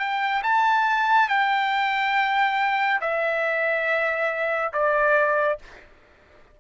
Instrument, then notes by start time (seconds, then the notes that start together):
trumpet
0.00 G5
0.43 A5
1.29 G5
3.02 E5
4.73 D5